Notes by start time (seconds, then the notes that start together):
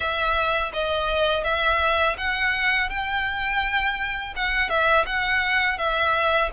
0.00 E5
0.73 D#5
1.44 E5
2.17 F#5
2.89 G5
4.36 F#5
4.69 E5
5.06 F#5
5.78 E5